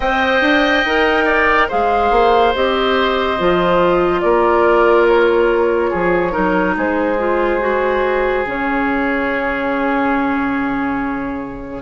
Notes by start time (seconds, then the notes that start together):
0.00 C4 C5 D#5 G5
0.41 D4
0.85 D#4 A#4
1.25 D5
1.67 G#3 G#4 C5 F5
2.11 A#3
2.55 C4 G4 D#5
3.37 F3 F4
4.21 A#3 A#4 D5
5.07 C#5
5.90 F3 G#4
6.31 F#3 D#4 A#4
6.77 G#3 G#4 C5
7.18 F4
7.60 F#4
8.44 C#3 C#4 C#5